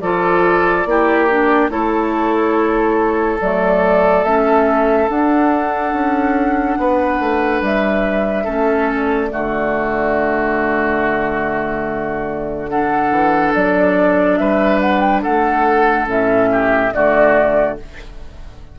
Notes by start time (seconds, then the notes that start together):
0.00 F3 F4 A4 D5
0.85 A#3 E4 G4
1.30 D4
1.69 A3 E4 A4 C#5
3.40 F#3 A3 D5
4.24 A3 C#4 E5
5.08 D4 F#5
5.93 C#4
6.78 B3 B4
7.20 A3
7.61 G3 E5
8.44 A3 C#4 A4
8.90 D5
9.29 D3 A3 F#4
12.68 D4 A4 F#5
13.11 E3
13.54 F#3 D5
14.37 G3 B4 E5
14.81 F#5
15.00 G5
15.22 A3 A4 F#5
16.06 A2 C#4 E5
16.51 G4
16.92 D3 A3 F#4 D5